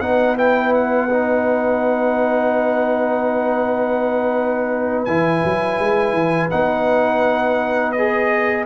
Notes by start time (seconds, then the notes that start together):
0.00 B3 D#4 B4 F#5
0.37 E4 G5
0.74 F#5
1.09 D#4
5.05 E3 E4 G#5
5.44 F#3
5.79 G#3
6.13 E3
6.50 B3 D#4 F#5
7.92 G#4 D#5